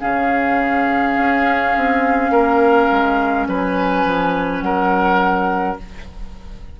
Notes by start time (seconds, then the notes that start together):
0.00 C#3 C#4 G#4 F5
1.17 C#4
1.76 C4
2.30 A#3 A#4
2.91 G#3
3.47 F#3 B4 G#5
4.05 F3
4.61 F#3 A#4 F#5